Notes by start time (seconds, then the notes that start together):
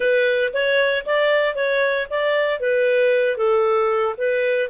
0.00 B4
0.53 C#5
1.05 D5
1.55 C#5
2.10 D5
2.59 B4
3.37 A4
4.17 B4